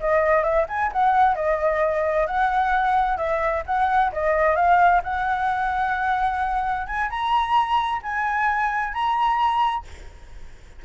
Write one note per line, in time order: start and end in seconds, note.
0.00 0.43 D#5
0.43 0.66 E5
0.68 0.91 G#5
0.92 1.35 F#5
1.35 2.27 D#5
2.27 3.17 F#5
3.17 3.63 E5
3.66 4.12 F#5
4.12 4.56 D#5
4.56 5.01 F5
5.03 6.87 F#5
6.87 7.10 G#5
7.10 8.02 A#5
8.02 8.93 G#5
8.93 9.85 A#5